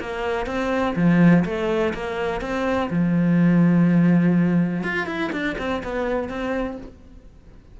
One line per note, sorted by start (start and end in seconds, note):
0.00 0.46 A#3
0.46 0.94 C4
0.96 1.44 F3
1.45 1.93 A3
1.94 2.41 A#3
2.41 2.89 C4
2.90 4.83 F3
4.83 5.07 F4
5.07 5.31 E4
5.32 5.56 D4
5.58 5.82 C4
5.83 6.29 B3
6.29 6.77 C4